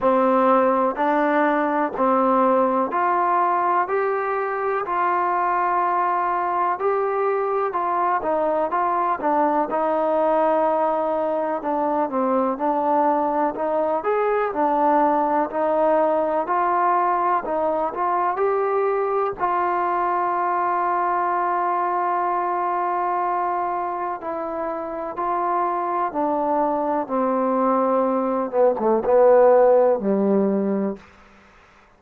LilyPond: \new Staff \with { instrumentName = "trombone" } { \time 4/4 \tempo 4 = 62 c'4 d'4 c'4 f'4 | g'4 f'2 g'4 | f'8 dis'8 f'8 d'8 dis'2 | d'8 c'8 d'4 dis'8 gis'8 d'4 |
dis'4 f'4 dis'8 f'8 g'4 | f'1~ | f'4 e'4 f'4 d'4 | c'4. b16 a16 b4 g4 | }